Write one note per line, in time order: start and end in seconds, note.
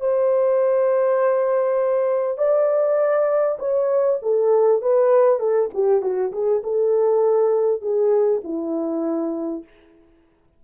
0.00 2.38 C5
2.38 3.58 D5
3.59 4.19 C#5
4.22 4.82 A4
4.82 5.39 B4
5.39 5.69 A4
5.74 6.02 G4
6.02 6.32 F#4
6.32 6.62 G#4
6.64 7.81 A4
7.81 8.41 G#4
8.44 9.64 E4